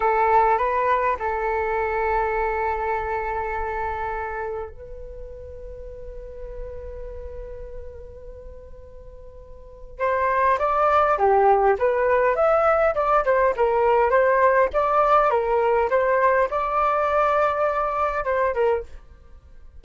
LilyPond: \new Staff \with { instrumentName = "flute" } { \time 4/4 \tempo 4 = 102 a'4 b'4 a'2~ | a'1 | b'1~ | b'1~ |
b'4 c''4 d''4 g'4 | b'4 e''4 d''8 c''8 ais'4 | c''4 d''4 ais'4 c''4 | d''2. c''8 ais'8 | }